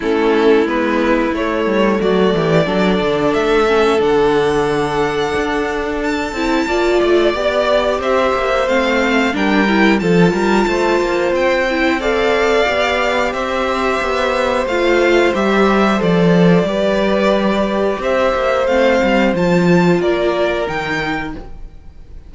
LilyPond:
<<
  \new Staff \with { instrumentName = "violin" } { \time 4/4 \tempo 4 = 90 a'4 b'4 cis''4 d''4~ | d''4 e''4 fis''2~ | fis''4 a''4. d''4. | e''4 f''4 g''4 a''4~ |
a''4 g''4 f''2 | e''2 f''4 e''4 | d''2. e''4 | f''4 a''4 d''4 g''4 | }
  \new Staff \with { instrumentName = "violin" } { \time 4/4 e'2. fis'8 g'8 | a'1~ | a'2 d''2 | c''2 ais'4 a'8 ais'8 |
c''2 d''2 | c''1~ | c''4 b'2 c''4~ | c''2 ais'2 | }
  \new Staff \with { instrumentName = "viola" } { \time 4/4 cis'4 b4 a2 | d'4. cis'8 d'2~ | d'4. e'8 f'4 g'4~ | g'4 c'4 d'8 e'8 f'4~ |
f'4. e'8 a'4 g'4~ | g'2 f'4 g'4 | a'4 g'2. | c'4 f'2 dis'4 | }
  \new Staff \with { instrumentName = "cello" } { \time 4/4 a4 gis4 a8 g8 fis8 e8 | fis8 d8 a4 d2 | d'4. c'8 ais8 a8 b4 | c'8 ais8 a4 g4 f8 g8 |
a8 ais8 c'2 b4 | c'4 b4 a4 g4 | f4 g2 c'8 ais8 | a8 g8 f4 ais4 dis4 | }
>>